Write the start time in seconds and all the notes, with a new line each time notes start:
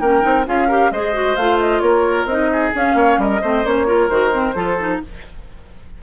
0.00 A#3 C#4 A#4 G5
0.21 C4 D#4
0.46 C#4 F4 G#4 F5
0.68 G4 A#4
0.91 G#3 G#4 C5 D#5
1.14 F#4
1.37 A3 F4 F5
1.60 D#5
1.81 A#3 A#4 C#5
2.26 C4 D#4 D#5
2.53 G#4
2.73 C#4 F5
2.95 A#3 C#5
3.19 G3 A#4 D#5
3.42 A3 C4 C5
3.65 A#3 C#4 C#5
3.87 F4 A#4
4.10 D#3 F#4 C5
4.32 C4
4.55 F3 F4 A4
4.80 D#4